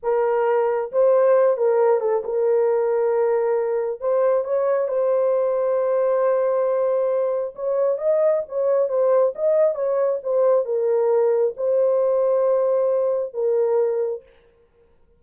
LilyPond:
\new Staff \with { instrumentName = "horn" } { \time 4/4 \tempo 4 = 135 ais'2 c''4. ais'8~ | ais'8 a'8 ais'2.~ | ais'4 c''4 cis''4 c''4~ | c''1~ |
c''4 cis''4 dis''4 cis''4 | c''4 dis''4 cis''4 c''4 | ais'2 c''2~ | c''2 ais'2 | }